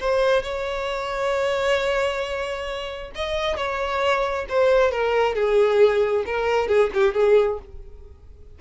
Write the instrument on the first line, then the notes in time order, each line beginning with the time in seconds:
violin
0.00 C5
0.43 C#5
3.15 D#5
3.57 C#5
4.49 C5
4.92 A#4
5.35 G#4
6.26 A#4
6.68 G#4
6.94 G4
7.15 G#4